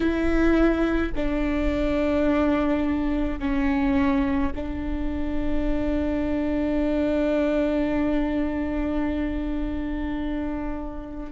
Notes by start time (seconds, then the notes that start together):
0.00 E4
1.15 D4
3.39 C#4
4.55 D4